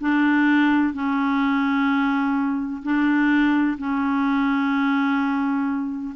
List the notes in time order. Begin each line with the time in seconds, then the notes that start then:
0.00 D4
0.93 C#4
2.82 D4
3.78 C#4